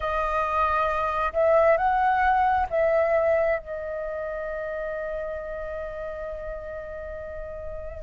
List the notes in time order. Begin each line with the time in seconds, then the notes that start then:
0.00 D#5
1.33 E5
1.77 F#5
2.70 E5
3.59 D#5